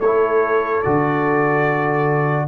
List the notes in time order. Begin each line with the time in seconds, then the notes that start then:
0.00 A3 E4 A4 C#5
0.82 D3 F#4 D5